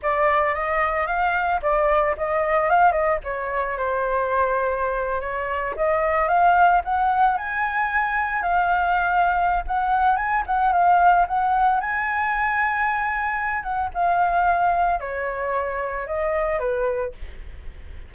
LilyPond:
\new Staff \with { instrumentName = "flute" } { \time 4/4 \tempo 4 = 112 d''4 dis''4 f''4 d''4 | dis''4 f''8 dis''8 cis''4 c''4~ | c''4.~ c''16 cis''4 dis''4 f''16~ | f''8. fis''4 gis''2 f''16~ |
f''2 fis''4 gis''8 fis''8 | f''4 fis''4 gis''2~ | gis''4. fis''8 f''2 | cis''2 dis''4 b'4 | }